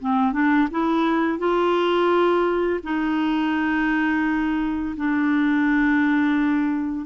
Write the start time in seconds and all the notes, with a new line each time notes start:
0.00 C4
0.33 D4
0.71 E4
1.38 F4
2.83 D#4
4.97 D4